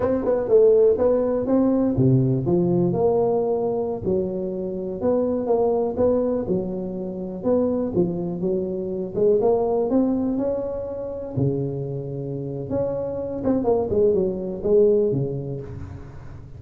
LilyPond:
\new Staff \with { instrumentName = "tuba" } { \time 4/4 \tempo 4 = 123 c'8 b8 a4 b4 c'4 | c4 f4 ais2~ | ais16 fis2 b4 ais8.~ | ais16 b4 fis2 b8.~ |
b16 f4 fis4. gis8 ais8.~ | ais16 c'4 cis'2 cis8.~ | cis2 cis'4. c'8 | ais8 gis8 fis4 gis4 cis4 | }